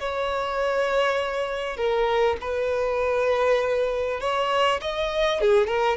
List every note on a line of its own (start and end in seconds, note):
0.00 1.77 C#5
1.77 2.37 A#4
2.41 4.21 B4
4.21 4.81 C#5
4.81 5.41 D#5
5.41 5.67 G#4
5.67 5.97 A#4